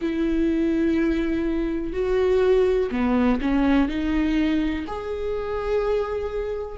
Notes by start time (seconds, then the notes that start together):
0.00 E4
1.92 F#4
2.91 B3
3.41 C#4
3.88 D#4
4.87 G#4